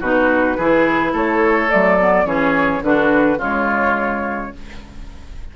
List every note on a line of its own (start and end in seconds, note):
0.00 0.57 B2
0.00 0.59 D#4
0.00 0.57 F#4
0.00 1.14 B4
0.57 1.13 E3
0.57 1.69 E4
0.57 1.12 G#4
1.12 1.69 A3
1.12 2.25 A4
1.12 1.71 C#5
1.69 2.25 F#3
1.69 1.97 A3
1.69 2.26 D5
2.00 2.26 B3
2.25 2.81 E3
2.25 2.82 C#4
2.25 2.83 G#4
2.25 2.83 C#5
2.81 3.37 D3
2.81 3.40 D4
2.81 3.38 F#4
2.81 3.40 B4
3.37 4.50 C#3
3.37 4.53 G#3
3.37 4.51 F4
3.37 4.56 C#5